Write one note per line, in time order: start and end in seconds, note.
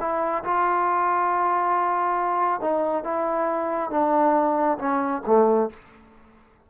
0.00 0.44 E4
0.44 2.61 F4
2.61 3.04 D#4
3.04 3.90 E4
3.90 4.78 D4
4.78 5.22 C#4
5.26 5.70 A3